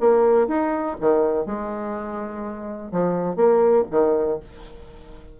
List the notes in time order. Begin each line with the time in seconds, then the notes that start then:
0.00 A#3
0.47 D#4
1.00 D#3
1.46 G#3
2.91 F3
3.36 A#3
3.91 D#3